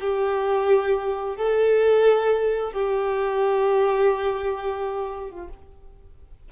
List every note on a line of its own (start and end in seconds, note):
0.00 1.37 G4
1.37 2.72 A4
2.72 5.31 G4
5.31 5.48 F4